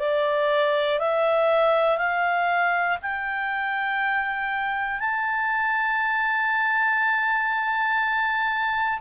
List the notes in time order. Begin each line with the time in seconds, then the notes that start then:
0.00 D5
1.00 E5
1.98 F5
3.03 G5
5.00 A5